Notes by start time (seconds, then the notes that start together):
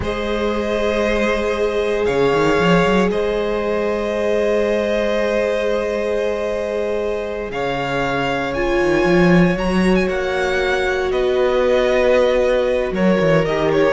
0.00 G#3 G#4 C5 D#5
2.05 C#3 C#5 F5
2.32 D#3
2.59 F3
2.85 F#3
3.10 G#3 C5 D#5
7.50 C#3 C#5 F5
8.54 F4 G#5
8.80 D#3
9.04 F3
9.55 F#3 F#4 A#5
9.95 G#5
10.08 A#3 F#5
11.11 B3 B4 D#5
12.91 F#3 A#4 C#5
13.20 E3
13.45 D#3 G4 D#5
13.72 C#5